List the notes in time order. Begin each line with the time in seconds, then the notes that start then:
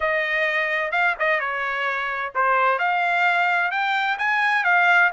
0.00 D#5
0.91 F5
1.19 D#5
1.40 C#5
2.34 C5
2.79 F5
3.71 G5
4.18 G#5
4.64 F5